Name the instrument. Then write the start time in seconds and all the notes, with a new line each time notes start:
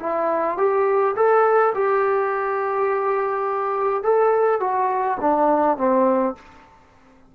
trombone
0.00 E4
0.57 G4
1.16 A4
1.75 G4
4.03 A4
4.60 F#4
5.21 D4
5.77 C4